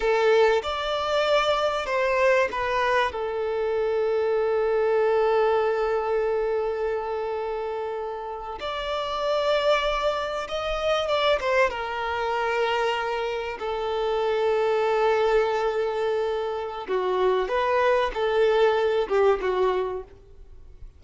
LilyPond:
\new Staff \with { instrumentName = "violin" } { \time 4/4 \tempo 4 = 96 a'4 d''2 c''4 | b'4 a'2.~ | a'1~ | a'4.~ a'16 d''2~ d''16~ |
d''8. dis''4 d''8 c''8 ais'4~ ais'16~ | ais'4.~ ais'16 a'2~ a'16~ | a'2. fis'4 | b'4 a'4. g'8 fis'4 | }